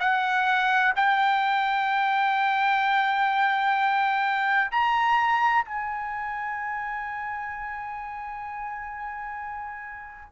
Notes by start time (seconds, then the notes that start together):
0.00 F#5
0.96 G5
4.72 A#5
5.65 G#5